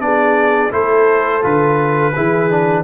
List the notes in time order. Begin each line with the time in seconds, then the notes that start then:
0.00 B3 D4 G#4 D5
0.72 A3 E4 A4 C5
1.42 D3 F4 B4
2.16 E3 E4 G#4
2.50 D4